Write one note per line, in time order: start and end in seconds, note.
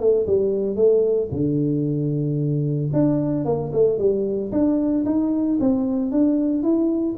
0.00 0.27 A3
0.27 0.76 G3
0.76 1.29 A3
1.32 2.91 D3
2.93 3.45 D4
3.45 3.72 A#3
3.73 3.99 A3
3.99 4.52 G3
4.52 5.05 D4
5.06 5.59 D#4
5.61 6.12 C4
6.12 6.63 D4
6.63 7.16 E4